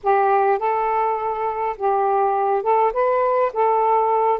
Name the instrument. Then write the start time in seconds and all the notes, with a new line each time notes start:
saxophone
0.03 G4
0.58 A4
1.77 G4
2.63 A4
2.93 B4
3.53 A4